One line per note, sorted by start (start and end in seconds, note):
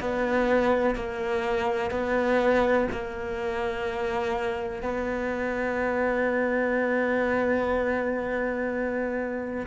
0.00 0.95 B3
0.95 1.91 A#3
1.91 2.88 B3
2.91 4.82 A#3
4.82 9.66 B3